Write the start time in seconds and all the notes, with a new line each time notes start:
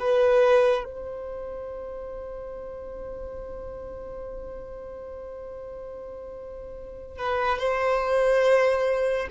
0.00 B4
0.85 C5
7.18 B4
7.59 C5